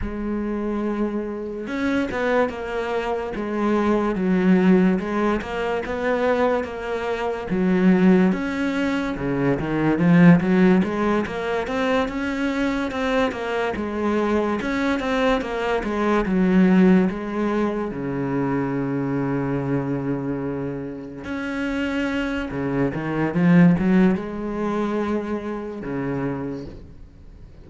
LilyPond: \new Staff \with { instrumentName = "cello" } { \time 4/4 \tempo 4 = 72 gis2 cis'8 b8 ais4 | gis4 fis4 gis8 ais8 b4 | ais4 fis4 cis'4 cis8 dis8 | f8 fis8 gis8 ais8 c'8 cis'4 c'8 |
ais8 gis4 cis'8 c'8 ais8 gis8 fis8~ | fis8 gis4 cis2~ cis8~ | cis4. cis'4. cis8 dis8 | f8 fis8 gis2 cis4 | }